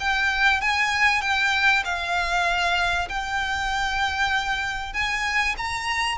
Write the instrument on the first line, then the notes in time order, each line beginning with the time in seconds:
violin
0.00 G5
0.61 G#5
1.22 G5
1.85 F5
3.09 G5
4.94 G#5
5.58 A#5